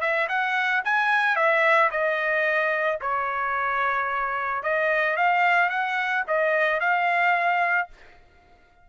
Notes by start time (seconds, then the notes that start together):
0.00 E5
0.28 F#5
0.84 G#5
1.35 E5
1.90 D#5
3.00 C#5
4.62 D#5
5.16 F5
5.69 F#5
6.27 D#5
6.80 F5